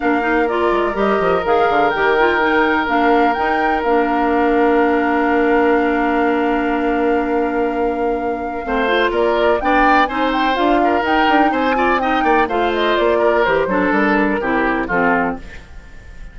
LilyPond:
<<
  \new Staff \with { instrumentName = "flute" } { \time 4/4 \tempo 4 = 125 f''4 d''4 dis''4 f''4 | g''2 f''4 g''4 | f''1~ | f''1~ |
f''2. d''4 | g''4 gis''8 g''8 f''4 g''4 | gis''4 g''4 f''8 dis''8 d''4 | c''4 ais'2 a'4 | }
  \new Staff \with { instrumentName = "oboe" } { \time 4/4 ais'1~ | ais'1~ | ais'1~ | ais'1~ |
ais'2 c''4 ais'4 | d''4 c''4. ais'4. | c''8 d''8 dis''8 d''8 c''4. ais'8~ | ais'8 a'4. g'4 f'4 | }
  \new Staff \with { instrumentName = "clarinet" } { \time 4/4 d'8 dis'8 f'4 g'4 gis'4 | g'8 f'8 dis'4 d'4 dis'4 | d'1~ | d'1~ |
d'2 c'8 f'4. | d'4 dis'4 f'4 dis'4~ | dis'8 f'8 dis'4 f'2 | g'8 d'4. e'4 c'4 | }
  \new Staff \with { instrumentName = "bassoon" } { \time 4/4 ais4. gis8 g8 f8 dis8 d8 | dis2 ais4 dis'4 | ais1~ | ais1~ |
ais2 a4 ais4 | b4 c'4 d'4 dis'8 d'8 | c'4. ais8 a4 ais4 | e8 fis8 g4 c4 f4 | }
>>